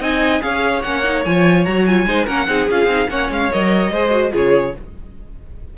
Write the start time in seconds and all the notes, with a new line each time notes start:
0.00 C4 D#4 D#5 G#5
0.41 C#4 G#4 C#5 F5
0.82 A#3 C#4 F#5
1.03 D#4
1.24 F3 F4 G#5
1.64 F#3 F#4 A#5
1.86 F4 G#5
2.06 G#3 D#4 C5
2.25 A#3 C#4 A#4 F#5
2.47 C4 D#4 G#4
2.70 C#4 F4 F5
2.86 C4 D#4
3.09 A#3 C#4 C#5 F#5
3.30 G#3 F5
3.52 F#3 A#4 D#5
3.92 G#3 G#4 C5
4.11 F#4
4.32 C#3 F4 G#4 C#5